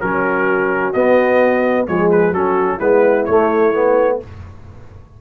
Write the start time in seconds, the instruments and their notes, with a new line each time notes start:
0.00 tuba F#3, trombone C#4, horn F#4, trumpet A#4
0.93 tuba B3, trombone B3, trumpet D#5
1.87 tuba F3, trombone G#3, horn G#4, trumpet C#5
2.11 trumpet B4
2.32 tuba F#3, trombone C#4, horn F#4, trumpet A4
2.76 tuba G#3, trombone B3, horn E4, trumpet B4
3.25 tuba A3, trombone A3, trumpet C#5
3.74 trombone B3